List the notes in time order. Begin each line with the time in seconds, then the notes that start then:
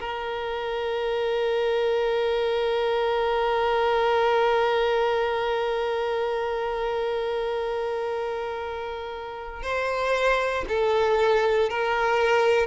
0.00 A#4
9.63 C5
10.68 A4
11.69 A#4